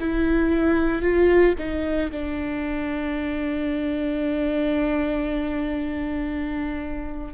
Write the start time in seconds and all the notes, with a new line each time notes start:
0.00 E4
1.02 F4
1.58 D#4
2.11 D4